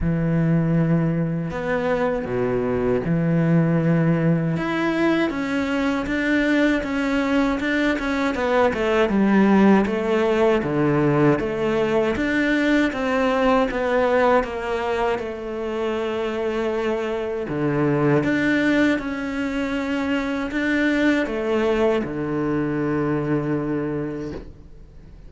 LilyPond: \new Staff \with { instrumentName = "cello" } { \time 4/4 \tempo 4 = 79 e2 b4 b,4 | e2 e'4 cis'4 | d'4 cis'4 d'8 cis'8 b8 a8 | g4 a4 d4 a4 |
d'4 c'4 b4 ais4 | a2. d4 | d'4 cis'2 d'4 | a4 d2. | }